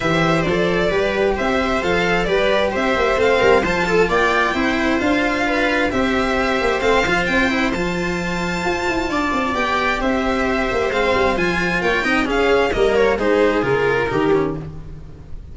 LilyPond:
<<
  \new Staff \with { instrumentName = "violin" } { \time 4/4 \tempo 4 = 132 e''4 d''2 e''4 | f''4 d''4 e''4 f''4 | a''4 g''2 f''4~ | f''4 e''2 f''4 |
g''4 a''2.~ | a''4 g''4 e''2 | f''4 gis''4 g''4 f''4 | dis''8 cis''8 c''4 ais'2 | }
  \new Staff \with { instrumentName = "viola" } { \time 4/4 c''2 b'4 c''4~ | c''4 b'4 c''4. ais'8 | c''8 a'8 d''4 c''2 | b'4 c''2.~ |
c''1 | d''2 c''2~ | c''2 cis''8 dis''8 gis'4 | ais'4 gis'2 g'4 | }
  \new Staff \with { instrumentName = "cello" } { \time 4/4 g'4 a'4 g'2 | a'4 g'2 c'4 | f'2 e'4 f'4~ | f'4 g'2 c'8 f'8~ |
f'8 e'8 f'2.~ | f'4 g'2. | c'4 f'4. dis'8 cis'4 | ais4 dis'4 f'4 dis'8 cis'8 | }
  \new Staff \with { instrumentName = "tuba" } { \time 4/4 e4 f4 g4 c'4 | f4 g4 c'8 ais8 a8 g8 | f4 ais4 c'4 d'4~ | d'4 c'4. ais8 a8 f8 |
c'4 f2 f'8 e'8 | d'8 c'8 b4 c'4. ais8 | gis8 g8 f4 ais8 c'8 cis'4 | g4 gis4 cis4 dis4 | }
>>